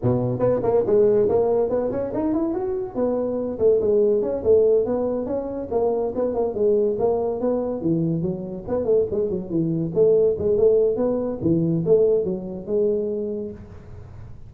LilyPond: \new Staff \with { instrumentName = "tuba" } { \time 4/4 \tempo 4 = 142 b,4 b8 ais8 gis4 ais4 | b8 cis'8 dis'8 e'8 fis'4 b4~ | b8 a8 gis4 cis'8 a4 b8~ | b8 cis'4 ais4 b8 ais8 gis8~ |
gis8 ais4 b4 e4 fis8~ | fis8 b8 a8 gis8 fis8 e4 a8~ | a8 gis8 a4 b4 e4 | a4 fis4 gis2 | }